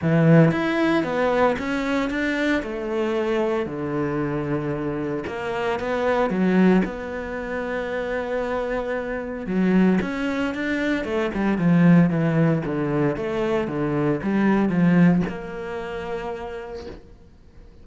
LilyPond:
\new Staff \with { instrumentName = "cello" } { \time 4/4 \tempo 4 = 114 e4 e'4 b4 cis'4 | d'4 a2 d4~ | d2 ais4 b4 | fis4 b2.~ |
b2 fis4 cis'4 | d'4 a8 g8 f4 e4 | d4 a4 d4 g4 | f4 ais2. | }